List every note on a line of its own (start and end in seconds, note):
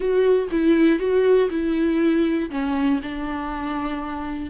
0.00 0.49 F#4
0.51 0.99 E4
0.99 1.49 F#4
1.50 2.50 E4
2.50 3.00 C#4
3.02 4.50 D4